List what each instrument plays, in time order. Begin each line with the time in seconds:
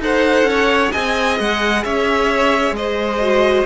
0.00 cello D#4, viola A4, violin C5 F#5
0.43 cello C#4, violin C#5
0.89 cello C4, viola G#4, violin D#5 G#5
1.39 cello G#3, violin F#5
1.84 cello C#4, violin C#5 E5
2.71 cello G#3, violin C5 D#5
3.20 viola F#4